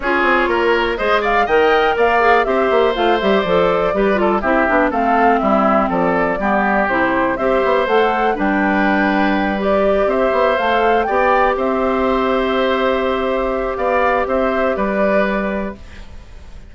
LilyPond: <<
  \new Staff \with { instrumentName = "flute" } { \time 4/4 \tempo 4 = 122 cis''2 dis''8 f''8 g''4 | f''4 e''4 f''8 e''8 d''4~ | d''4 e''4 f''4 e''4 | d''2 c''4 e''4 |
fis''4 g''2~ g''8 d''8~ | d''8 e''4 f''4 g''4 e''8~ | e''1 | f''4 e''4 d''2 | }
  \new Staff \with { instrumentName = "oboe" } { \time 4/4 gis'4 ais'4 c''8 d''8 dis''4 | d''4 c''2. | b'8 a'8 g'4 a'4 e'4 | a'4 g'2 c''4~ |
c''4 b'2.~ | b'8 c''2 d''4 c''8~ | c''1 | d''4 c''4 b'2 | }
  \new Staff \with { instrumentName = "clarinet" } { \time 4/4 f'2 gis'4 ais'4~ | ais'8 gis'8 g'4 f'8 g'8 a'4 | g'8 f'8 e'8 d'8 c'2~ | c'4 b4 e'4 g'4 |
a'4 d'2~ d'8 g'8~ | g'4. a'4 g'4.~ | g'1~ | g'1 | }
  \new Staff \with { instrumentName = "bassoon" } { \time 4/4 cis'8 c'8 ais4 gis4 dis4 | ais4 c'8 ais8 a8 g8 f4 | g4 c'8 b8 a4 g4 | f4 g4 c4 c'8 b8 |
a4 g2.~ | g8 c'8 b8 a4 b4 c'8~ | c'1 | b4 c'4 g2 | }
>>